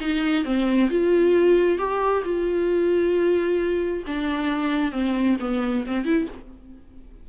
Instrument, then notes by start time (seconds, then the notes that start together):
viola
0.00 D#4
0.44 C4
0.90 F4
1.78 G4
2.24 F4
4.06 D4
4.92 C4
5.39 B3
5.86 C4
6.05 E4